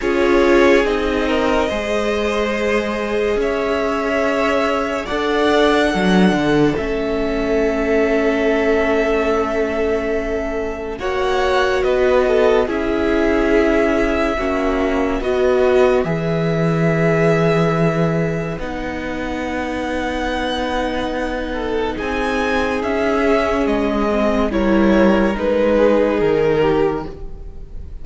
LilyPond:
<<
  \new Staff \with { instrumentName = "violin" } { \time 4/4 \tempo 4 = 71 cis''4 dis''2. | e''2 fis''2 | e''1~ | e''4 fis''4 dis''4 e''4~ |
e''2 dis''4 e''4~ | e''2 fis''2~ | fis''2 gis''4 e''4 | dis''4 cis''4 b'4 ais'4 | }
  \new Staff \with { instrumentName = "violin" } { \time 4/4 gis'4. ais'8 c''2 | cis''2 d''4 a'4~ | a'1~ | a'4 cis''4 b'8 a'8 gis'4~ |
gis'4 fis'4 b'2~ | b'1~ | b'4. a'8 gis'2~ | gis'4 ais'4. gis'4 g'8 | }
  \new Staff \with { instrumentName = "viola" } { \time 4/4 f'4 dis'4 gis'2~ | gis'2 a'4 d'4 | cis'1~ | cis'4 fis'2 e'4~ |
e'4 cis'4 fis'4 gis'4~ | gis'2 dis'2~ | dis'2.~ dis'8 cis'8~ | cis'8 c'8 e'4 dis'2 | }
  \new Staff \with { instrumentName = "cello" } { \time 4/4 cis'4 c'4 gis2 | cis'2 d'4 fis8 d8 | a1~ | a4 ais4 b4 cis'4~ |
cis'4 ais4 b4 e4~ | e2 b2~ | b2 c'4 cis'4 | gis4 g4 gis4 dis4 | }
>>